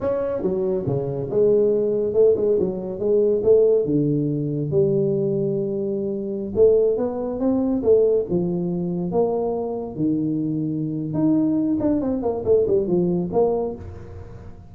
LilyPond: \new Staff \with { instrumentName = "tuba" } { \time 4/4 \tempo 4 = 140 cis'4 fis4 cis4 gis4~ | gis4 a8 gis8 fis4 gis4 | a4 d2 g4~ | g2.~ g16 a8.~ |
a16 b4 c'4 a4 f8.~ | f4~ f16 ais2 dis8.~ | dis2 dis'4. d'8 | c'8 ais8 a8 g8 f4 ais4 | }